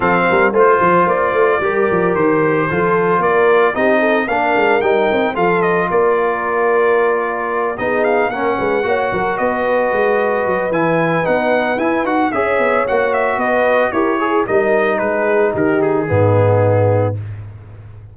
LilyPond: <<
  \new Staff \with { instrumentName = "trumpet" } { \time 4/4 \tempo 4 = 112 f''4 c''4 d''2 | c''2 d''4 dis''4 | f''4 g''4 f''8 dis''8 d''4~ | d''2~ d''8 dis''8 f''8 fis''8~ |
fis''4. dis''2~ dis''8 | gis''4 fis''4 gis''8 fis''8 e''4 | fis''8 e''8 dis''4 cis''4 dis''4 | b'4 ais'8 gis'2~ gis'8 | }
  \new Staff \with { instrumentName = "horn" } { \time 4/4 a'8 ais'8 c''2 ais'4~ | ais'4 a'4 ais'4 g'8 a'8 | ais'2 a'4 ais'4~ | ais'2~ ais'8 gis'4 ais'8 |
b'8 cis''8 ais'8 b'2~ b'8~ | b'2. cis''4~ | cis''4 b'4 ais'8 gis'8 ais'4 | gis'4 g'4 dis'2 | }
  \new Staff \with { instrumentName = "trombone" } { \time 4/4 c'4 f'2 g'4~ | g'4 f'2 dis'4 | d'4 dis'4 f'2~ | f'2~ f'8 dis'4 cis'8~ |
cis'8 fis'2.~ fis'8 | e'4 dis'4 e'8 fis'8 gis'4 | fis'2 g'8 gis'8 dis'4~ | dis'2 b2 | }
  \new Staff \with { instrumentName = "tuba" } { \time 4/4 f8 g8 a8 f8 ais8 a8 g8 f8 | dis4 f4 ais4 c'4 | ais8 gis8 g8 c'8 f4 ais4~ | ais2~ ais8 b4 ais8 |
gis8 ais8 fis8 b4 gis4 fis8 | e4 b4 e'8 dis'8 cis'8 b8 | ais4 b4 e'4 g4 | gis4 dis4 gis,2 | }
>>